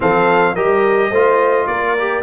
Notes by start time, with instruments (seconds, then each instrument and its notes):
0.00 tuba F3, trombone C4, horn A4, trumpet F5
0.53 tuba G3, trombone G4, horn A#4, trumpet D#5
1.09 tuba A3, trombone F4, horn C5
1.66 tuba A#3, horn A#4, trumpet D5
1.98 trombone G4